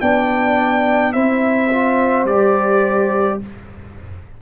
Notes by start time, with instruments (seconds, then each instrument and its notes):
0.00 tuba B3, trombone D4, horn D5, trumpet G5
1.12 tuba C4, trombone E4, horn C5, trumpet E5
1.71 trombone F4
2.24 tuba G3, trombone G4, trumpet D5